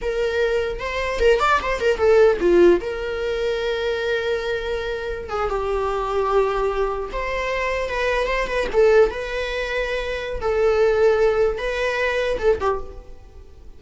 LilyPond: \new Staff \with { instrumentName = "viola" } { \time 4/4 \tempo 4 = 150 ais'2 c''4 ais'8 d''8 | c''8 ais'8 a'4 f'4 ais'4~ | ais'1~ | ais'4~ ais'16 gis'8 g'2~ g'16~ |
g'4.~ g'16 c''2 b'16~ | b'8. c''8 b'8 a'4 b'4~ b'16~ | b'2 a'2~ | a'4 b'2 a'8 g'8 | }